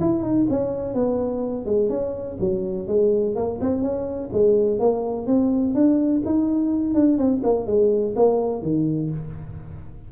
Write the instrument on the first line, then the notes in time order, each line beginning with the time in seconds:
tuba
0.00 E4
0.22 D#4
0.50 C#4
0.94 B3
1.65 G#3
1.89 C#4
2.40 F#3
2.87 G#3
3.35 A#3
3.60 C4
3.81 C#4
4.32 G#3
4.79 A#3
5.26 C4
5.74 D4
6.25 D#4
6.94 D4
7.18 C4
7.43 A#3
7.66 G#3
8.16 A#3
8.62 D#3